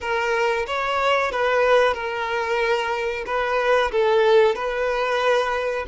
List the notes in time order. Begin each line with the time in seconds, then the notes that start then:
0.01 A#4
0.67 C#5
1.31 B4
1.94 A#4
3.25 B4
3.91 A4
4.55 B4